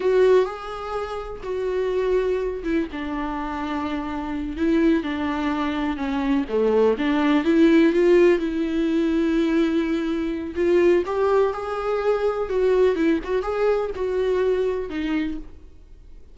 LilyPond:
\new Staff \with { instrumentName = "viola" } { \time 4/4 \tempo 4 = 125 fis'4 gis'2 fis'4~ | fis'4. e'8 d'2~ | d'4. e'4 d'4.~ | d'8 cis'4 a4 d'4 e'8~ |
e'8 f'4 e'2~ e'8~ | e'2 f'4 g'4 | gis'2 fis'4 e'8 fis'8 | gis'4 fis'2 dis'4 | }